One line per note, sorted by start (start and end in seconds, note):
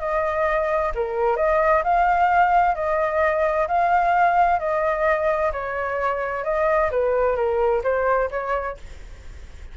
0.00 0.92 D#5
0.95 1.37 A#4
1.37 1.83 D#5
1.84 2.75 F5
2.75 3.68 D#5
3.68 4.59 F5
4.59 5.52 D#5
5.53 6.44 C#5
6.44 6.91 D#5
6.91 7.36 B4
7.36 7.82 A#4
7.84 8.30 C5
8.31 8.77 C#5